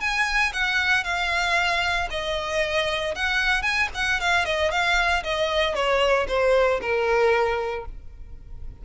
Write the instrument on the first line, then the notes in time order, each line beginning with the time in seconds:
violin
0.00 G#5
0.53 F#5
1.04 F5
2.10 D#5
3.15 F#5
3.62 G#5
3.94 F#5
4.20 F5
4.45 D#5
4.71 F5
5.23 D#5
5.75 C#5
6.28 C5
6.81 A#4